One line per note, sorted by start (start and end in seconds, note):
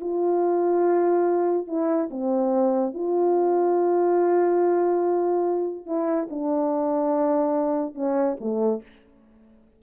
0.00 1.67 F4
1.67 2.09 E4
2.10 2.94 C4
2.94 5.86 F4
5.86 6.27 E4
6.30 7.95 D4
7.95 8.37 C#4
8.40 8.82 A3